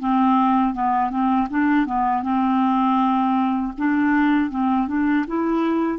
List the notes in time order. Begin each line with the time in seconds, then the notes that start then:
0.00 C4
0.74 B3
1.11 C4
1.50 D4
1.87 B3
2.23 C4
3.78 D4
4.51 C4
4.88 D4
5.28 E4